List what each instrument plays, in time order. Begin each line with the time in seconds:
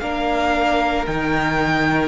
0.00 cello A#3, viola D4, violin A#4 F5
1.07 cello D#3, viola D#4, violin G5